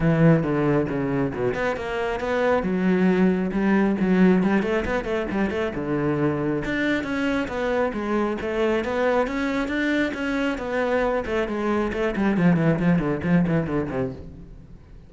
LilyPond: \new Staff \with { instrumentName = "cello" } { \time 4/4 \tempo 4 = 136 e4 d4 cis4 b,8 b8 | ais4 b4 fis2 | g4 fis4 g8 a8 b8 a8 | g8 a8 d2 d'4 |
cis'4 b4 gis4 a4 | b4 cis'4 d'4 cis'4 | b4. a8 gis4 a8 g8 | f8 e8 f8 d8 f8 e8 d8 c8 | }